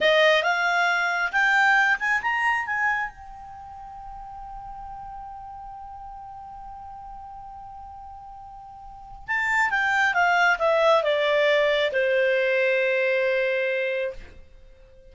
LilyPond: \new Staff \with { instrumentName = "clarinet" } { \time 4/4 \tempo 4 = 136 dis''4 f''2 g''4~ | g''8 gis''8 ais''4 gis''4 g''4~ | g''1~ | g''1~ |
g''1~ | g''4 a''4 g''4 f''4 | e''4 d''2 c''4~ | c''1 | }